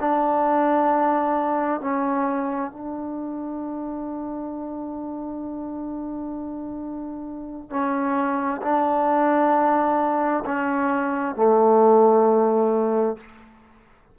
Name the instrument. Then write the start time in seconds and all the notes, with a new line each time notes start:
trombone
0.00 D4
1.81 C#4
2.72 D4
7.70 C#4
8.62 D4
10.45 C#4
11.36 A3